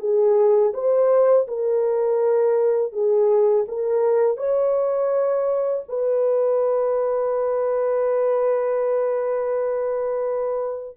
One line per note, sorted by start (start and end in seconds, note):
0.00 0.73 G#4
0.74 1.47 C5
1.48 2.93 A#4
2.93 3.66 G#4
3.69 4.38 A#4
4.38 5.84 C#5
5.89 10.97 B4